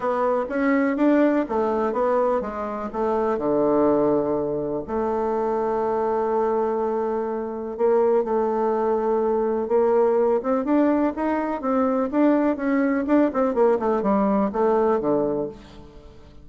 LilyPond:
\new Staff \with { instrumentName = "bassoon" } { \time 4/4 \tempo 4 = 124 b4 cis'4 d'4 a4 | b4 gis4 a4 d4~ | d2 a2~ | a1 |
ais4 a2. | ais4. c'8 d'4 dis'4 | c'4 d'4 cis'4 d'8 c'8 | ais8 a8 g4 a4 d4 | }